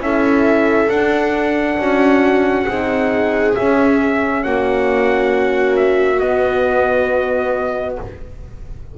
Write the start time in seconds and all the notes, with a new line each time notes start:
0.00 C#4 E4 A4 E5
0.89 D4 F#5
1.78 C#4 F#4
2.68 C4 D#4 G#4
3.54 C#4 E5
4.44 A#3 F#4 F#5
5.77 E5
6.20 B3 D#5